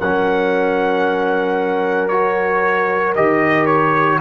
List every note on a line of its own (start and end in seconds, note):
0.00 3.16 F#3
0.00 2.11 C#4
0.00 4.21 A#4
0.00 2.08 F#5
2.08 3.15 F#4
2.08 3.13 C#5
3.15 4.21 D#3
3.15 4.21 G4
3.15 3.66 D#5
3.66 4.19 C#5